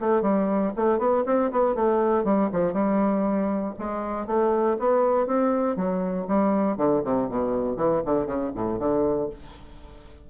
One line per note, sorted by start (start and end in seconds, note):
0.00 0.22 A3
0.22 0.72 G3
0.76 0.99 A3
0.99 1.24 B3
1.26 1.51 C4
1.51 1.75 B3
1.75 2.24 A3
2.24 2.49 G3
2.52 2.73 F3
2.73 3.74 G3
3.79 4.27 G#3
4.27 4.77 A3
4.79 5.26 B3
5.26 5.76 C4
5.76 6.26 F#3
6.28 6.77 G3
6.77 7.02 D3
7.04 7.29 C3
7.29 7.76 B2
7.76 8.02 E3
8.05 8.26 D3
8.26 8.51 C#3
8.55 8.79 A2
8.79 9.29 D3